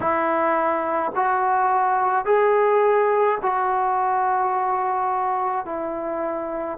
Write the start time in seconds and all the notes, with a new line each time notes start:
0.00 E4
1.15 F#4
2.25 G#4
3.42 F#4
5.64 E4